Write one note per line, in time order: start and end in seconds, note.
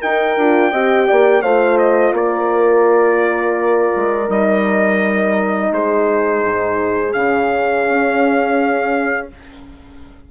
0.00 0.38 D#4
0.00 0.37 D#4
0.00 0.70 A#4
0.00 1.42 G5
0.37 0.72 D4
0.37 0.72 F4
0.70 1.08 C4
0.70 1.43 G4
0.70 1.06 D#5
1.07 1.43 A#3
1.07 1.43 D5
1.42 2.12 A3
1.42 4.27 F4
1.42 2.14 C5
1.42 1.78 F5
1.78 2.14 D#5
2.12 3.91 A#3
2.12 5.72 A#4
2.12 4.30 D5
3.96 4.29 G#3
4.27 5.71 G3
4.27 7.13 D#4
4.27 5.73 D#5
5.71 6.43 G#3
5.71 9.30 G#4
5.71 7.13 C5
6.43 7.14 G#2
7.13 7.86 C#3
7.13 9.29 C#4
7.13 9.27 F5
7.88 9.31 C#4